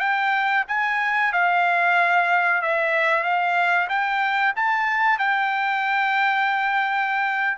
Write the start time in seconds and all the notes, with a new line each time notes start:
0.00 G5
0.68 G#5
1.33 F5
2.62 E5
3.23 F5
3.89 G5
4.56 A5
5.19 G5